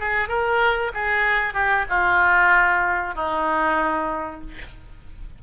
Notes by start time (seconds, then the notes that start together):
0.00 G#4
0.28 A#4
0.94 G#4
1.54 G4
1.89 F4
3.15 D#4